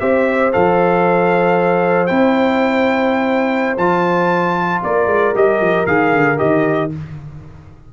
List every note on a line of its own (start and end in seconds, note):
0.00 0.54 C4
0.00 0.53 G4
0.00 4.83 C5
0.00 0.52 E5
0.53 2.11 F3
0.53 2.08 A4
0.53 2.07 F5
2.07 3.78 C4
2.07 3.78 E4
2.07 3.77 G5
3.78 4.82 F3
3.78 5.35 F4
3.78 4.82 A5
4.83 5.07 A#3
4.83 6.92 A#4
4.83 5.36 D5
5.07 5.33 G#3
5.35 5.61 G3
5.35 5.87 G4
5.35 5.87 D#5
5.61 5.87 F3
5.87 6.13 D#3
5.87 6.37 G#4
5.87 6.39 F5
6.13 6.39 D3
6.37 6.93 D#3
6.37 6.90 G4
6.37 6.91 D#5